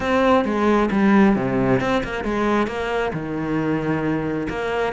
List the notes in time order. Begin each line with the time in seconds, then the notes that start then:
0.00 C4
0.44 G#3
0.91 G3
1.36 C3
1.80 C4
2.03 A#3
2.24 G#3
2.67 A#3
3.13 D#3
4.49 A#3